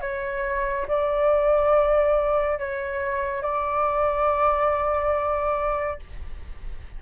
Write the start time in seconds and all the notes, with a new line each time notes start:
0.00 C#5
0.88 D5
2.58 C#5
3.42 D5